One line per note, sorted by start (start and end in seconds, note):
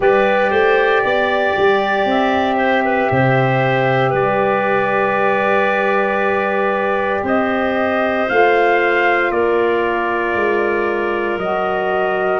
0.00 0.52 G3
0.00 8.27 G4
0.00 0.50 B4
0.00 2.08 D5
0.50 1.03 A3
0.50 1.02 C5
1.03 1.55 B3
1.03 2.56 D5
1.56 2.04 G3
2.04 3.08 C4
2.04 4.14 E5
2.56 2.82 C5
2.84 3.10 B4
3.11 4.13 C3
3.11 4.09 C5
4.09 7.23 G3
4.09 7.20 B4
4.09 7.25 D5
7.23 8.26 C4
7.23 9.31 C5
7.23 8.29 D#5
8.29 9.30 A3
8.29 11.39 F4
8.29 9.31 F5
9.30 10.34 A#3
9.30 12.39 A#4
9.30 11.38 D5
10.34 11.37 G#3
11.37 12.39 F#3
11.37 12.39 F#4
11.37 12.39 D#5